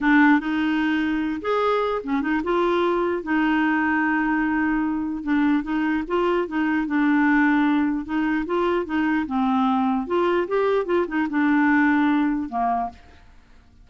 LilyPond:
\new Staff \with { instrumentName = "clarinet" } { \time 4/4 \tempo 4 = 149 d'4 dis'2~ dis'8 gis'8~ | gis'4 cis'8 dis'8 f'2 | dis'1~ | dis'4 d'4 dis'4 f'4 |
dis'4 d'2. | dis'4 f'4 dis'4 c'4~ | c'4 f'4 g'4 f'8 dis'8 | d'2. ais4 | }